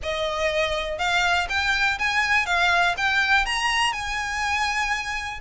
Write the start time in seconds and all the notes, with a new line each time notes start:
0.02 D#5
0.98 F5
1.49 G5
1.98 G#5
2.46 F5
2.97 G5
3.45 A#5
3.92 G#5